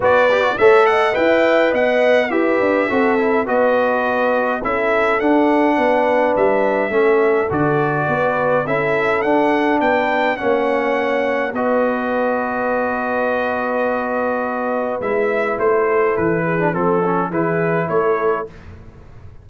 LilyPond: <<
  \new Staff \with { instrumentName = "trumpet" } { \time 4/4 \tempo 4 = 104 d''4 e''8 fis''8 g''4 fis''4 | e''2 dis''2 | e''4 fis''2 e''4~ | e''4 d''2 e''4 |
fis''4 g''4 fis''2 | dis''1~ | dis''2 e''4 c''4 | b'4 a'4 b'4 cis''4 | }
  \new Staff \with { instrumentName = "horn" } { \time 4/4 b'4 cis''8 dis''8 e''4 dis''4 | b'4 a'4 b'2 | a'2 b'2 | a'2 b'4 a'4~ |
a'4 b'4 cis''2 | b'1~ | b'2.~ b'8 a'8~ | a'8 gis'8 a'4 gis'4 a'4 | }
  \new Staff \with { instrumentName = "trombone" } { \time 4/4 fis'8 g'16 fis'16 a'4 b'2 | g'4 fis'8 e'8 fis'2 | e'4 d'2. | cis'4 fis'2 e'4 |
d'2 cis'2 | fis'1~ | fis'2 e'2~ | e'8. d'16 c'8 cis'8 e'2 | }
  \new Staff \with { instrumentName = "tuba" } { \time 4/4 b4 a4 e'4 b4 | e'8 d'8 c'4 b2 | cis'4 d'4 b4 g4 | a4 d4 b4 cis'4 |
d'4 b4 ais2 | b1~ | b2 gis4 a4 | e4 f4 e4 a4 | }
>>